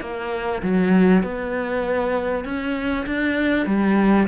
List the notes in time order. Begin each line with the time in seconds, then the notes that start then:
0.00 A#3
0.62 F#3
1.22 B3
2.44 C#4
3.06 D4
3.66 G3